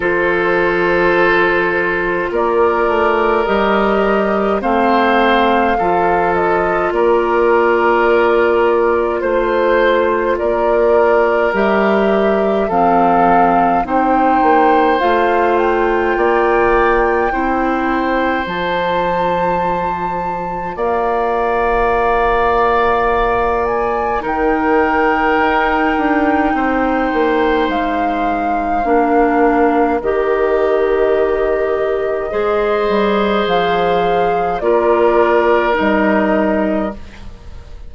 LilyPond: <<
  \new Staff \with { instrumentName = "flute" } { \time 4/4 \tempo 4 = 52 c''2 d''4 dis''4 | f''4. dis''8 d''2 | c''4 d''4 e''4 f''4 | g''4 f''8 g''2~ g''8 |
a''2 f''2~ | f''8 gis''8 g''2. | f''2 dis''2~ | dis''4 f''4 d''4 dis''4 | }
  \new Staff \with { instrumentName = "oboe" } { \time 4/4 a'2 ais'2 | c''4 a'4 ais'2 | c''4 ais'2 a'4 | c''2 d''4 c''4~ |
c''2 d''2~ | d''4 ais'2 c''4~ | c''4 ais'2. | c''2 ais'2 | }
  \new Staff \with { instrumentName = "clarinet" } { \time 4/4 f'2. g'4 | c'4 f'2.~ | f'2 g'4 c'4 | dis'4 f'2 e'4 |
f'1~ | f'4 dis'2.~ | dis'4 d'4 g'2 | gis'2 f'4 dis'4 | }
  \new Staff \with { instrumentName = "bassoon" } { \time 4/4 f2 ais8 a8 g4 | a4 f4 ais2 | a4 ais4 g4 f4 | c'8 ais8 a4 ais4 c'4 |
f2 ais2~ | ais4 dis4 dis'8 d'8 c'8 ais8 | gis4 ais4 dis2 | gis8 g8 f4 ais4 g4 | }
>>